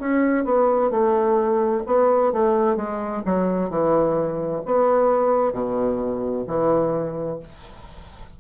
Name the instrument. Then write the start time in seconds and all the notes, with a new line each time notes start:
bassoon
0.00 C#4
0.44 B3
0.91 A3
1.86 B3
2.32 A3
2.77 G#3
3.26 F#3
3.70 E3
4.66 B3
5.53 B2
6.47 E3